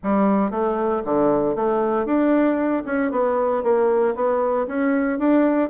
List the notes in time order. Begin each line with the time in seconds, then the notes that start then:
0.03 G3
0.51 A3
1.04 D3
1.55 A3
2.05 D4
2.85 C#4
3.11 B3
3.63 A#3
4.15 B3
4.67 C#4
5.18 D4